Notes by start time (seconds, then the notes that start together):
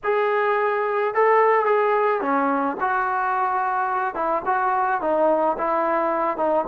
0.03 G#4
1.14 A4
1.65 G#4
2.21 C#4
2.80 F#4
4.14 E4
4.45 F#4
5.01 D#4
5.57 E4
6.37 D#4